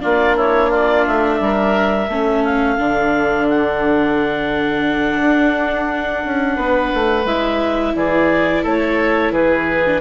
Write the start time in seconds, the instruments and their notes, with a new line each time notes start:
0.00 bassoon A#3, viola D4, oboe F4, clarinet D5
0.36 oboe E4, clarinet C#5
0.69 oboe F4, clarinet D5
1.07 bassoon A3, clarinet E5
1.40 bassoon G3, oboe A#4
2.08 bassoon A3, viola C#4, oboe A4
2.44 clarinet F5
2.77 bassoon D3, viola D4
3.48 clarinet F#5
5.20 bassoon D4
6.25 bassoon C#4
6.55 bassoon B3, oboe B4
6.94 bassoon A3
7.24 bassoon G#3, viola E4, clarinet E5
7.95 bassoon E3, oboe G#4, clarinet D5
8.63 bassoon A3, oboe A4, clarinet C#5
9.31 bassoon E3, oboe G#4, clarinet B4
9.85 viola D4